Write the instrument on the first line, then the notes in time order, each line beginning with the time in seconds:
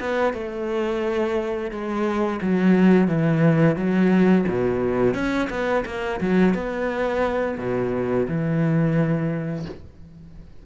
cello
0.00 B3
0.33 A3
1.71 G#3
2.42 F#3
3.08 E3
3.76 F#3
4.48 B2
5.14 C#4
5.50 B3
5.86 A#3
6.20 F#3
6.54 B3
7.58 B2
8.28 E3